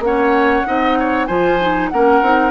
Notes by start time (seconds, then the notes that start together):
0.00 A#3 C#4 F#5
0.07 C#5
0.66 C4 D#4 D#5
1.00 C#5
1.26 F3 F4 C5 G#5
1.61 D#4
1.89 A#3 C#4 A#4 F#5
2.22 C4 D#4